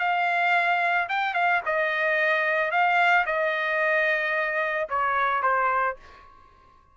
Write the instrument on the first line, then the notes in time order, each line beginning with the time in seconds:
trumpet
0.00 F5
1.09 G5
1.34 F5
1.66 D#5
2.71 F5
3.26 D#5
4.89 C#5
5.43 C5